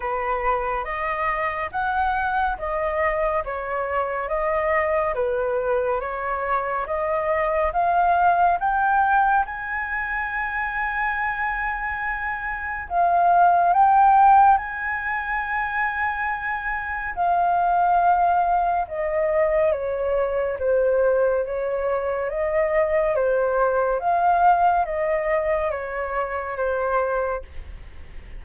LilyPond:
\new Staff \with { instrumentName = "flute" } { \time 4/4 \tempo 4 = 70 b'4 dis''4 fis''4 dis''4 | cis''4 dis''4 b'4 cis''4 | dis''4 f''4 g''4 gis''4~ | gis''2. f''4 |
g''4 gis''2. | f''2 dis''4 cis''4 | c''4 cis''4 dis''4 c''4 | f''4 dis''4 cis''4 c''4 | }